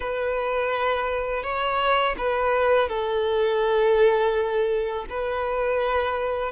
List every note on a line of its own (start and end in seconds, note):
0.00 1.43 B4
1.43 2.15 C#5
2.17 2.88 B4
2.88 5.05 A4
5.09 6.52 B4